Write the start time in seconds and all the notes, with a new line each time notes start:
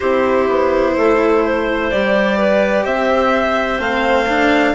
0.00 C4 E4 G4 C5
0.48 B3
0.96 A3 A4
1.43 C5
1.90 G3 G4 D5
2.37 B4
2.83 C4 C5 E5
3.79 A3 C4 F5
4.28 D4